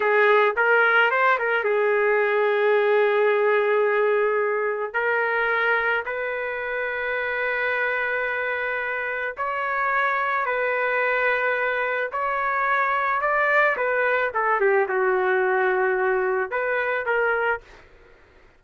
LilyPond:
\new Staff \with { instrumentName = "trumpet" } { \time 4/4 \tempo 4 = 109 gis'4 ais'4 c''8 ais'8 gis'4~ | gis'1~ | gis'4 ais'2 b'4~ | b'1~ |
b'4 cis''2 b'4~ | b'2 cis''2 | d''4 b'4 a'8 g'8 fis'4~ | fis'2 b'4 ais'4 | }